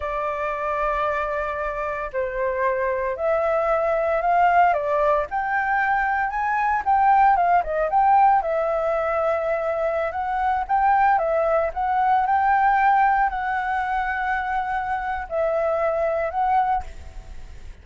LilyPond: \new Staff \with { instrumentName = "flute" } { \time 4/4 \tempo 4 = 114 d''1 | c''2 e''2 | f''4 d''4 g''2 | gis''4 g''4 f''8 dis''8 g''4 |
e''2.~ e''16 fis''8.~ | fis''16 g''4 e''4 fis''4 g''8.~ | g''4~ g''16 fis''2~ fis''8.~ | fis''4 e''2 fis''4 | }